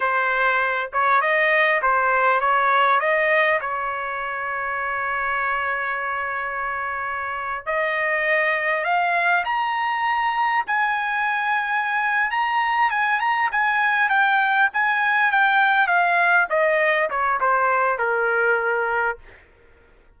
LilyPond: \new Staff \with { instrumentName = "trumpet" } { \time 4/4 \tempo 4 = 100 c''4. cis''8 dis''4 c''4 | cis''4 dis''4 cis''2~ | cis''1~ | cis''8. dis''2 f''4 ais''16~ |
ais''4.~ ais''16 gis''2~ gis''16~ | gis''8 ais''4 gis''8 ais''8 gis''4 g''8~ | g''8 gis''4 g''4 f''4 dis''8~ | dis''8 cis''8 c''4 ais'2 | }